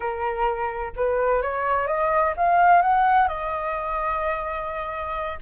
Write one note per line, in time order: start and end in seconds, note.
0.00 0.92 A#4
0.95 1.41 B4
1.41 1.87 C#5
1.87 2.34 D#5
2.37 2.81 F5
2.81 3.27 F#5
3.27 5.38 D#5